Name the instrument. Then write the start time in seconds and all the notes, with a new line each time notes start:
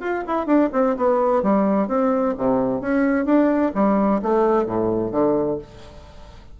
bassoon
0.00 F4
0.26 E4
0.46 D4
0.72 C4
0.96 B3
1.42 G3
1.88 C4
2.37 C3
2.81 C#4
3.25 D4
3.74 G3
4.22 A3
4.66 A2
5.11 D3